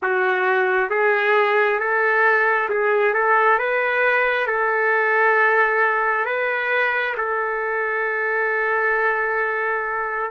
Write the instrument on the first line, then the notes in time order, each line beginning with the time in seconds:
trumpet
0.02 F#4
0.90 G#4
1.79 A4
2.69 G#4
3.13 A4
3.59 B4
4.46 A4
6.25 B4
7.17 A4